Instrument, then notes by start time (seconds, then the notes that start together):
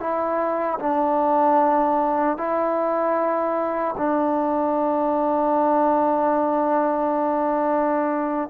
trombone
0.00 E4
0.80 D4
2.38 E4
3.98 D4